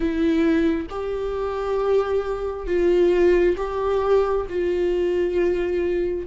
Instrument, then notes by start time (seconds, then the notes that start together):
viola
0.00 E4
0.90 G4
2.66 F4
3.57 G4
4.49 F4